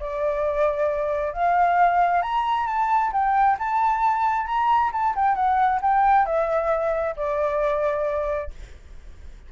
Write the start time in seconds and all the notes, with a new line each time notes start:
0.00 D5
1.34 F5
2.22 A#5
2.67 A5
3.13 G5
3.59 A5
4.46 A#5
4.93 A5
5.16 G5
5.36 F#5
5.82 G5
6.26 E5
7.17 D5